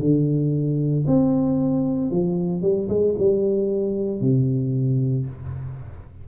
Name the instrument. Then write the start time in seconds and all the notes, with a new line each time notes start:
tuba
0.00 D3
1.07 C4
2.11 F3
2.62 G3
2.89 G#3
3.18 G3
4.21 C3